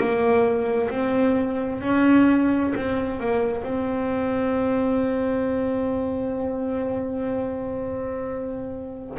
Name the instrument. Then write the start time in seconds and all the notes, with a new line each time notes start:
double bass
0.00 A#3
0.90 C4
1.81 C#4
2.76 C4
3.20 A#3
3.64 C4